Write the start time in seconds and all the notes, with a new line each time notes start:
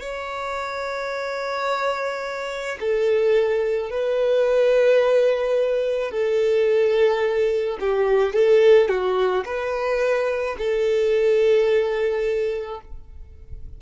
0.00 C#5
2.80 A4
3.90 B4
6.11 A4
7.80 G4
8.33 A4
8.88 F#4
9.45 B4
10.58 A4